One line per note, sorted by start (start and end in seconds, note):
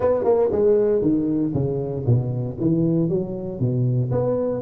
0.00 0.24 B3
0.24 0.49 A#3
0.51 1.01 G#3
1.01 1.52 D#3
1.53 2.05 C#3
2.06 2.57 B2
2.60 3.09 E3
3.09 3.59 F#3
3.59 4.10 B2
4.11 4.61 B3